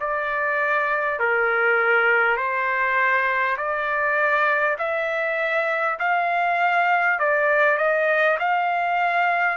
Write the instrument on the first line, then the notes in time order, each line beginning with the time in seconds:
trumpet
0.00 D5
1.19 A#4
2.37 C5
3.57 D5
4.78 E5
5.99 F5
7.19 D5
7.77 D#5
8.39 F5